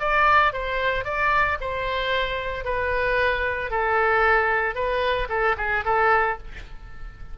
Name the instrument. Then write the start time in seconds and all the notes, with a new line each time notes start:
oboe
0.00 D5
0.53 C5
1.05 D5
1.61 C5
2.65 B4
3.71 A4
4.75 B4
5.29 A4
5.58 G#4
5.85 A4